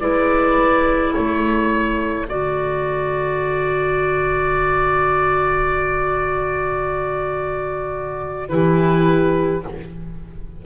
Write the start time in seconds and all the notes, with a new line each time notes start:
0.00 G#3 E4 B4 D5
1.12 A3 A4 C#5
2.29 D3 F#4 D5
8.48 E3 E4 G4 B4